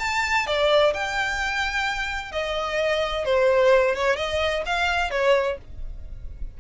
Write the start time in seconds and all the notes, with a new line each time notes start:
0.00 A5
0.47 D5
0.95 G5
2.32 D#5
3.26 C5
3.96 C#5
4.17 D#5
4.66 F5
5.11 C#5